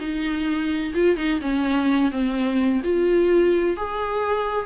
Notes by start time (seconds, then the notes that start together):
0.00 D#4
0.94 F4
1.17 D#4
1.41 C#4
2.12 C4
2.84 F4
3.77 G#4